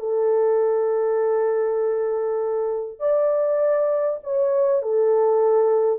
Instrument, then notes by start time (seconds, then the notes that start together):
horn
0.00 A4
3.00 D5
4.24 C#5
4.83 A4